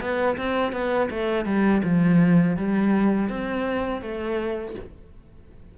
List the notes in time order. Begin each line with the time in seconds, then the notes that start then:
0.00 B3
0.37 C4
0.72 B3
1.10 A3
1.45 G3
1.83 F3
2.56 G3
3.29 C4
4.01 A3